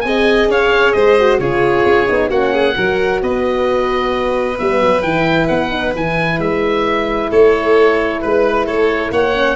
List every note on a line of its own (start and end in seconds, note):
0.00 0.47 C4
0.00 1.19 G#4
0.00 0.45 G#5
0.06 0.50 D#5
0.47 0.92 C#4
0.47 0.94 C#5
0.47 0.92 F5
0.92 1.39 G#3
0.92 1.40 C5
0.92 1.37 D#5
1.19 1.41 F#4
1.39 1.85 C#3
1.39 2.06 F4
1.39 2.29 G#4
1.39 2.30 C#5
1.85 2.08 C#4
2.06 2.30 B3
2.06 2.29 D#4
2.29 2.76 A#3
2.29 2.74 C#4
2.29 2.52 F#4
2.29 3.21 F#5
2.52 2.75 G#4
2.74 3.22 F#3
2.74 4.56 F#4
2.74 3.22 A#4
3.22 4.58 B3
3.22 7.29 B4
3.22 4.58 D#5
4.58 4.81 G3
4.58 5.04 B3
4.58 5.02 E5
4.81 5.03 F#3
5.02 5.48 E3
5.02 5.70 E4
5.02 5.47 G5
5.47 5.95 B3
5.47 5.93 F#5
5.70 5.92 D#4
5.93 6.39 E3
5.93 9.33 E4
5.93 6.40 G#5
6.39 7.30 G#3
6.39 7.31 E5
7.29 8.22 A3
7.29 8.20 A4
7.29 8.21 C#5
8.21 8.65 G#3
8.21 8.66 B4
8.21 8.65 B4
8.65 9.11 A3
8.65 9.11 A4
8.65 9.12 C#5
9.11 9.56 A#3
9.11 9.56 C#5
9.11 9.56 F#5
9.33 9.56 C#4